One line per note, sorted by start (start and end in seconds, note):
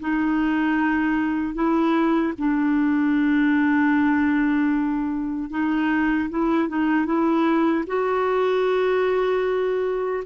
0.00 1.54 D#4
1.54 2.33 E4
2.38 5.50 D4
5.50 6.29 D#4
6.29 6.69 E4
6.69 7.06 D#4
7.06 7.84 E4
7.87 10.24 F#4